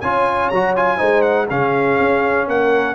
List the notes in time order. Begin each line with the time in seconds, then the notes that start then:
0.00 C#4 F4 C#5 G#5
0.49 F#3 F#4 A#5
0.76 F4 G#5
0.97 G#3 D#4 C5
1.21 F#5
1.49 C#3 C#4 G#4 F5
1.99 C#4
2.47 A#3 A#4 F#5